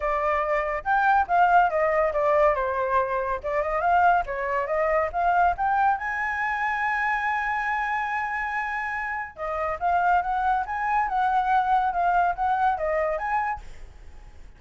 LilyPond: \new Staff \with { instrumentName = "flute" } { \time 4/4 \tempo 4 = 141 d''2 g''4 f''4 | dis''4 d''4 c''2 | d''8 dis''8 f''4 cis''4 dis''4 | f''4 g''4 gis''2~ |
gis''1~ | gis''2 dis''4 f''4 | fis''4 gis''4 fis''2 | f''4 fis''4 dis''4 gis''4 | }